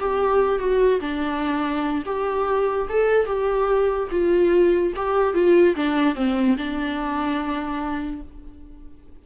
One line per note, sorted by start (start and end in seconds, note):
0.00 0.59 G4
0.59 1.00 F#4
1.01 2.04 D4
2.06 2.88 G4
2.90 3.27 A4
3.27 4.09 G4
4.12 4.94 F4
4.97 5.35 G4
5.35 5.76 F4
5.76 6.16 D4
6.16 6.57 C4
6.58 8.22 D4